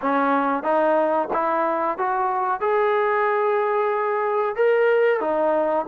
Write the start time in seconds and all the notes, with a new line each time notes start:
0.01 C#4
0.63 D#4
1.33 E4
1.98 F#4
2.60 G#4
4.55 A#4
5.20 D#4